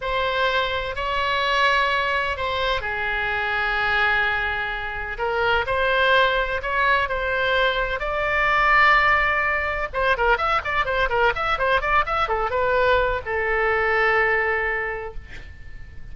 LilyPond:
\new Staff \with { instrumentName = "oboe" } { \time 4/4 \tempo 4 = 127 c''2 cis''2~ | cis''4 c''4 gis'2~ | gis'2. ais'4 | c''2 cis''4 c''4~ |
c''4 d''2.~ | d''4 c''8 ais'8 e''8 d''8 c''8 ais'8 | e''8 c''8 d''8 e''8 a'8 b'4. | a'1 | }